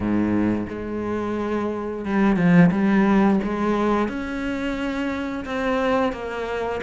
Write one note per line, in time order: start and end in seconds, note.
0.00 0.67 G#2
0.69 2.05 G#3
2.05 2.36 G3
2.36 2.70 F3
2.71 3.39 G3
3.43 4.08 G#3
4.08 5.44 C#4
5.45 6.12 C4
6.12 6.80 A#3